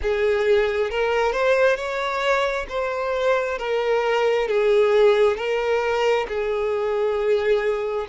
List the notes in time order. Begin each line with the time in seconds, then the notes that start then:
0.02 G#4
0.90 A#4
1.32 C5
1.76 C#5
2.68 C5
3.58 A#4
4.48 G#4
5.36 A#4
6.28 G#4